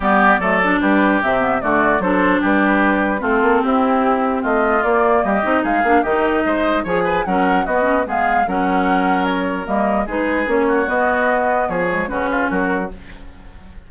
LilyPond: <<
  \new Staff \with { instrumentName = "flute" } { \time 4/4 \tempo 4 = 149 d''2 b'4 e''4 | d''4 c''4 b'2 | a'4 g'2 dis''4 | d''4 dis''4 f''4 dis''4~ |
dis''4 gis''4 fis''4 dis''4 | f''4 fis''2 cis''4 | dis''4 b'4 cis''4 dis''4~ | dis''4 cis''4 b'4 ais'4 | }
  \new Staff \with { instrumentName = "oboe" } { \time 4/4 g'4 a'4 g'2 | fis'4 a'4 g'2 | f'4 e'2 f'4~ | f'4 g'4 gis'4 g'4 |
c''4 cis''8 b'8 ais'4 fis'4 | gis'4 ais'2.~ | ais'4 gis'4. fis'4.~ | fis'4 gis'4 fis'8 f'8 fis'4 | }
  \new Staff \with { instrumentName = "clarinet" } { \time 4/4 b4 a8 d'4. c'8 b8 | a4 d'2. | c'1 | ais4. dis'4 d'8 dis'4~ |
dis'4 gis'4 cis'4 b8 cis'8 | b4 cis'2. | ais4 dis'4 cis'4 b4~ | b4. gis8 cis'2 | }
  \new Staff \with { instrumentName = "bassoon" } { \time 4/4 g4 fis4 g4 c4 | d4 fis4 g2 | a8 ais8 c'2 a4 | ais4 g8 c'8 gis8 ais8 dis4 |
gis4 f4 fis4 b4 | gis4 fis2. | g4 gis4 ais4 b4~ | b4 f4 cis4 fis4 | }
>>